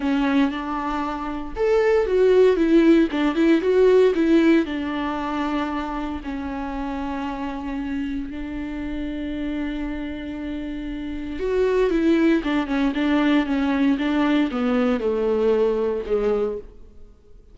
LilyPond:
\new Staff \with { instrumentName = "viola" } { \time 4/4 \tempo 4 = 116 cis'4 d'2 a'4 | fis'4 e'4 d'8 e'8 fis'4 | e'4 d'2. | cis'1 |
d'1~ | d'2 fis'4 e'4 | d'8 cis'8 d'4 cis'4 d'4 | b4 a2 gis4 | }